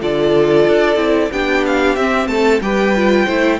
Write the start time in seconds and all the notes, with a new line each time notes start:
0.00 D3 F4 A4 D5
0.68 D4
0.96 C4 E4
1.32 B3 D4 G4 G5
1.66 F5
1.96 C4 E5
2.27 A3 A4 A5
2.61 G3 G4 B4 G5
2.96 F4
3.26 A3 E4 C5